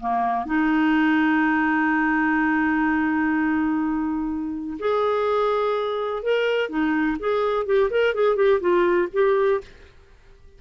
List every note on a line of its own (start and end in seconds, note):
0.00 0.45 A#3
0.45 4.77 D#4
4.79 6.23 G#4
6.23 6.69 A#4
6.69 7.17 D#4
7.19 7.66 G#4
7.66 7.90 G4
7.90 8.14 A#4
8.14 8.36 G#4
8.36 8.60 G4
8.61 9.09 F4
9.13 9.61 G4